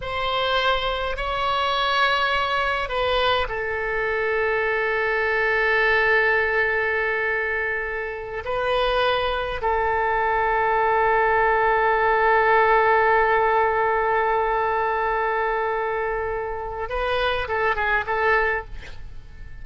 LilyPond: \new Staff \with { instrumentName = "oboe" } { \time 4/4 \tempo 4 = 103 c''2 cis''2~ | cis''4 b'4 a'2~ | a'1~ | a'2~ a'8 b'4.~ |
b'8 a'2.~ a'8~ | a'1~ | a'1~ | a'4 b'4 a'8 gis'8 a'4 | }